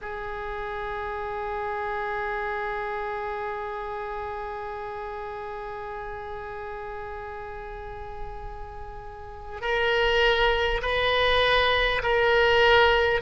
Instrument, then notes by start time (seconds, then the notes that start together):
oboe
0.01 G#4
9.61 A#4
10.82 B4
12.03 A#4